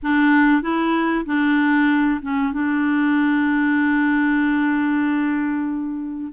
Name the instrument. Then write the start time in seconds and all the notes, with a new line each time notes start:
clarinet
0.02 D4
0.61 E4
1.25 D4
2.22 C#4
2.53 D4